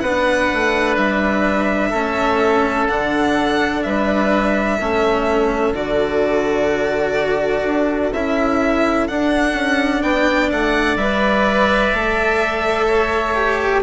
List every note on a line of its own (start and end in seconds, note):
0.00 0.50 B3
0.00 1.94 D4
0.00 1.90 B4
0.00 0.95 F#5
0.54 0.97 A3
0.97 1.92 G3
0.97 2.87 E5
1.90 2.88 A3
1.90 2.89 C#4
1.90 3.80 A4
2.88 3.85 D3
2.88 4.80 D4
2.88 3.83 F#5
3.83 4.80 G3
3.83 4.78 B4
3.83 5.73 E5
4.78 5.73 A3
4.78 5.74 C#4
4.78 10.01 A4
5.73 7.63 D3
5.73 8.12 F#4
5.73 8.13 D5
7.64 8.12 D4
8.13 9.09 C#4
8.13 9.09 E4
8.13 9.08 E5
9.08 10.99 D4
9.08 9.54 D4
9.08 10.03 F#5
9.54 10.01 C#4
10.01 10.51 B3
10.01 12.87 D5
10.01 10.50 G5
10.52 10.96 A3
10.52 10.97 F#5
10.96 11.92 G3
10.96 11.94 B4
10.96 13.83 E5
11.94 13.83 A3
11.94 13.35 A4
12.87 13.83 C#5
13.35 13.83 G4